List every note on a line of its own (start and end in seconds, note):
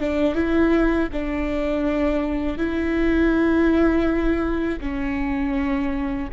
0.00 0.35 D4
0.35 1.09 E4
1.12 2.58 D4
2.58 4.80 E4
4.81 6.29 C#4